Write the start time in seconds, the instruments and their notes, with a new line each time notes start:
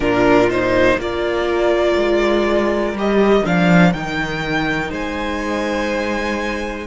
0.00 cello A#2, viola D4, violin F4 A#4
0.49 viola D#4, violin C5
0.97 cello A#3, viola F4, violin A#4 D5
1.96 cello G#3
2.92 cello G3, viola G4, violin D#5
3.44 cello F3, viola D4, violin F5
3.92 cello D#3, viola D#4, violin G5
4.90 cello G#3, violin C5 G#5